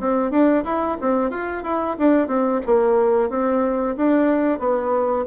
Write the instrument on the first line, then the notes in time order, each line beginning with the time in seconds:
bassoon
0.00 C4
0.31 D4
0.64 E4
1.01 C4
1.30 F4
1.63 E4
1.99 D4
2.28 C4
2.66 A#3
3.29 C4
3.97 D4
4.59 B3